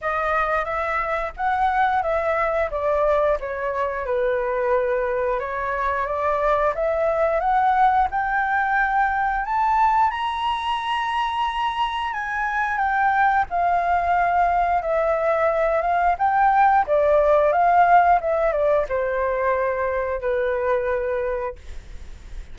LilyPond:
\new Staff \with { instrumentName = "flute" } { \time 4/4 \tempo 4 = 89 dis''4 e''4 fis''4 e''4 | d''4 cis''4 b'2 | cis''4 d''4 e''4 fis''4 | g''2 a''4 ais''4~ |
ais''2 gis''4 g''4 | f''2 e''4. f''8 | g''4 d''4 f''4 e''8 d''8 | c''2 b'2 | }